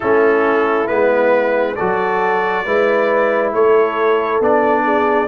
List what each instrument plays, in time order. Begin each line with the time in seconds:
0.00 tuba A3, trombone C#4, horn E4, trumpet A4
0.87 tuba G#3, trombone B3, trumpet B4
1.75 tuba F#3, trombone F#4, horn A4, trumpet D5
2.65 tuba G#3, trombone E4, horn B4
3.53 tuba A3, horn A4, trumpet C#5
4.40 tuba B3, trombone D4, trumpet D5
4.84 horn G#4